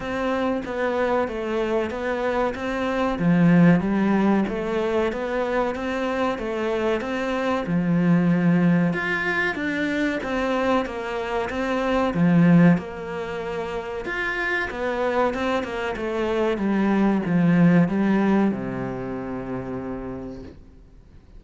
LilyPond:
\new Staff \with { instrumentName = "cello" } { \time 4/4 \tempo 4 = 94 c'4 b4 a4 b4 | c'4 f4 g4 a4 | b4 c'4 a4 c'4 | f2 f'4 d'4 |
c'4 ais4 c'4 f4 | ais2 f'4 b4 | c'8 ais8 a4 g4 f4 | g4 c2. | }